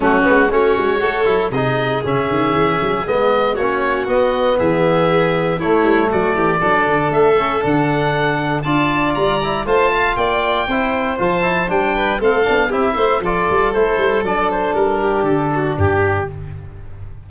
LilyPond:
<<
  \new Staff \with { instrumentName = "oboe" } { \time 4/4 \tempo 4 = 118 fis'4 cis''2 dis''4 | e''2 dis''4 cis''4 | dis''4 e''2 cis''4 | d''2 e''4 fis''4~ |
fis''4 a''4 ais''4 a''4 | g''2 a''4 g''4 | f''4 e''4 d''4 c''4 | d''8 c''8 ais'4 a'4 g'4 | }
  \new Staff \with { instrumentName = "violin" } { \time 4/4 cis'4 fis'4 a'4 gis'4~ | gis'2. fis'4~ | fis'4 gis'2 e'4 | fis'8 g'8 a'2.~ |
a'4 d''2 c''8 f''8 | d''4 c''2~ c''8 b'8 | a'4 g'8 c''8 a'2~ | a'4. g'4 fis'8 g'4 | }
  \new Staff \with { instrumentName = "trombone" } { \time 4/4 a8 b8 cis'4 fis'8 e'8 dis'4 | cis'2 b4 cis'4 | b2. a4~ | a4 d'4. cis'8 d'4~ |
d'4 f'4. e'8 f'4~ | f'4 e'4 f'8 e'8 d'4 | c'8 d'8 e'4 f'4 e'4 | d'1 | }
  \new Staff \with { instrumentName = "tuba" } { \time 4/4 fis8 gis8 a8 gis8 a8 fis8 c4 | cis8 dis8 e8 fis8 gis4 ais4 | b4 e2 a8 g8 | fis8 e8 fis8 d8 a4 d4~ |
d4 d'4 g4 a4 | ais4 c'4 f4 g4 | a8 b8 c'8 a8 f8 g8 a8 g8 | fis4 g4 d4 g,4 | }
>>